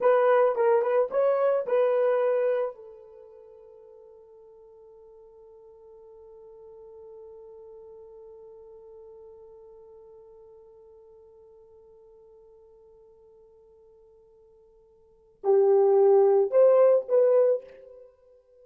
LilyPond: \new Staff \with { instrumentName = "horn" } { \time 4/4 \tempo 4 = 109 b'4 ais'8 b'8 cis''4 b'4~ | b'4 a'2.~ | a'1~ | a'1~ |
a'1~ | a'1~ | a'1 | g'2 c''4 b'4 | }